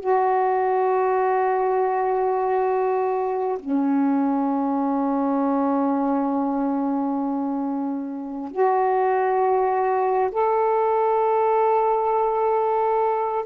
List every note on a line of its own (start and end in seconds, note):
0.00 3.58 F#4
3.59 8.51 C#4
8.51 10.30 F#4
10.31 13.45 A4